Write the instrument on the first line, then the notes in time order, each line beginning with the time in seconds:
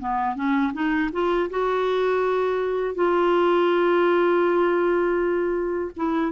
clarinet
0.00 B3
0.36 C#4
0.74 D#4
1.13 F4
1.51 F#4
2.96 F4
5.97 E4